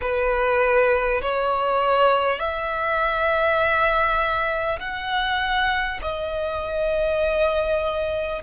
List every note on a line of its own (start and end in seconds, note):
0.01 1.21 B4
1.21 2.39 C#5
2.39 4.79 E5
4.79 5.99 F#5
6.02 8.42 D#5